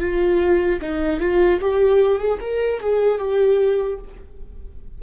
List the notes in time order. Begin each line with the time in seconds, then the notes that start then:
0.00 F4
0.81 D#4
1.20 F4
1.60 G4
2.18 G#4
2.40 A#4
2.80 G#4
3.18 G4